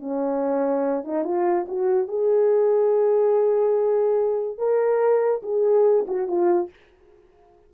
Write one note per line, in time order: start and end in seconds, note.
0.00 1.05 C#4
1.05 1.25 D#4
1.25 1.67 F4
1.69 2.08 F#4
2.08 4.58 G#4
4.58 5.42 A#4
5.43 6.06 G#4
6.08 6.28 F#4
6.28 6.70 F4